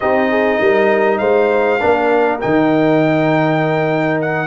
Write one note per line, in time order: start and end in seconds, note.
0.00 0.60 C4
0.00 1.79 D#4
0.00 0.29 G4
0.00 1.18 D#5
0.29 0.59 G#4
0.60 1.20 G3
0.60 1.19 A#4
1.18 1.80 G#3
1.18 1.79 C5
1.18 2.38 F5
1.79 2.43 A#3
1.79 2.39 D4
1.79 4.47 A#4
2.40 4.47 D#3
2.40 4.47 D#4
2.40 4.21 G5
4.21 4.47 F#5